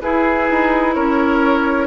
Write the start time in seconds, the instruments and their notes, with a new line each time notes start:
0.00 clarinet E4, bassoon E4, oboe G#4, flute B4
0.50 bassoon D#4
0.94 bassoon C#4, oboe A#4, flute C#5